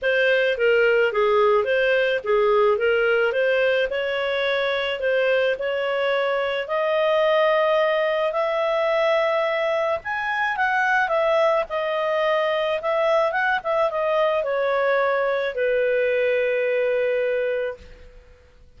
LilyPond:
\new Staff \with { instrumentName = "clarinet" } { \time 4/4 \tempo 4 = 108 c''4 ais'4 gis'4 c''4 | gis'4 ais'4 c''4 cis''4~ | cis''4 c''4 cis''2 | dis''2. e''4~ |
e''2 gis''4 fis''4 | e''4 dis''2 e''4 | fis''8 e''8 dis''4 cis''2 | b'1 | }